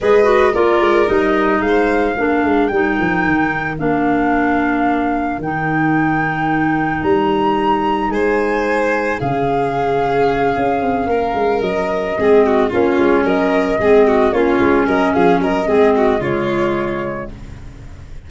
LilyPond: <<
  \new Staff \with { instrumentName = "flute" } { \time 4/4 \tempo 4 = 111 dis''4 d''4 dis''4 f''4~ | f''4 g''2 f''4~ | f''2 g''2~ | g''4 ais''2 gis''4~ |
gis''4 f''2.~ | f''4. dis''2 cis''8~ | cis''8 dis''2 cis''4 dis''8 | f''8 dis''4. cis''2 | }
  \new Staff \with { instrumentName = "violin" } { \time 4/4 b'4 ais'2 c''4 | ais'1~ | ais'1~ | ais'2. c''4~ |
c''4 gis'2.~ | gis'8 ais'2 gis'8 fis'8 f'8~ | f'8 ais'4 gis'8 fis'8 f'4 ais'8 | gis'8 ais'8 gis'8 fis'8 f'2 | }
  \new Staff \with { instrumentName = "clarinet" } { \time 4/4 gis'8 fis'8 f'4 dis'2 | d'4 dis'2 d'4~ | d'2 dis'2~ | dis'1~ |
dis'4 cis'2.~ | cis'2~ cis'8 c'4 cis'8~ | cis'4. c'4 cis'4.~ | cis'4 c'4 gis2 | }
  \new Staff \with { instrumentName = "tuba" } { \time 4/4 gis4 ais8 gis8 g4 gis4 | ais8 gis8 g8 f8 dis4 ais4~ | ais2 dis2~ | dis4 g2 gis4~ |
gis4 cis2~ cis8 cis'8 | c'8 ais8 gis8 fis4 gis4 ais8 | gis8 fis4 gis4 ais8 gis8 fis8 | f8 fis8 gis4 cis2 | }
>>